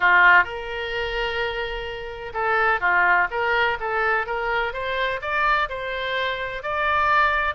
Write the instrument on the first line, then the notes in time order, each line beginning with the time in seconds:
oboe
0.00 F4
0.44 A#4
2.33 A4
2.80 F4
3.30 A#4
3.79 A4
4.26 A#4
4.73 C5
5.21 D5
5.69 C5
6.62 D5